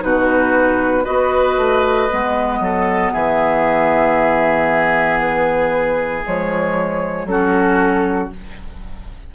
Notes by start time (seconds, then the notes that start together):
0.00 B2 D#4 F#4 B4
1.04 B3 F#4 B4 D#5
1.58 A3
2.10 G#3 B3
2.60 F#3 A4
3.13 E3 G#4 E5
5.20 B4
6.23 F3 G#3 C#5
7.25 F#3 C#4 F#4 A4